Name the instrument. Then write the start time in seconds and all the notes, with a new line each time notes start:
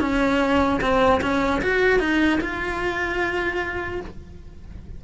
cello
0.00 C#4
0.81 C4
1.21 C#4
1.61 F#4
1.99 D#4
2.40 F4